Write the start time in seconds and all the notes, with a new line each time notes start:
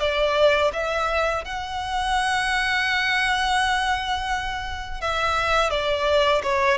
0.00 D5
0.73 E5
1.45 F#5
5.01 E5
5.71 D5
6.43 C#5